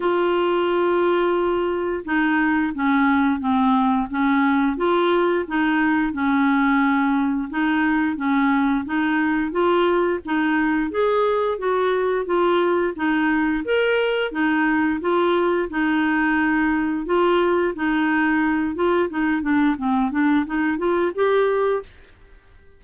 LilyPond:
\new Staff \with { instrumentName = "clarinet" } { \time 4/4 \tempo 4 = 88 f'2. dis'4 | cis'4 c'4 cis'4 f'4 | dis'4 cis'2 dis'4 | cis'4 dis'4 f'4 dis'4 |
gis'4 fis'4 f'4 dis'4 | ais'4 dis'4 f'4 dis'4~ | dis'4 f'4 dis'4. f'8 | dis'8 d'8 c'8 d'8 dis'8 f'8 g'4 | }